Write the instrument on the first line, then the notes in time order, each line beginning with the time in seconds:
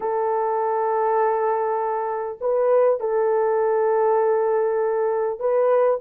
horn
0.00 A4
2.41 B4
3.00 A4
5.39 B4